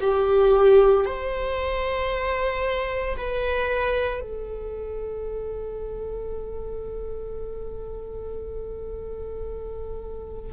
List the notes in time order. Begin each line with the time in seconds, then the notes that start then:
0.00 G4
1.05 C5
3.16 B4
4.21 A4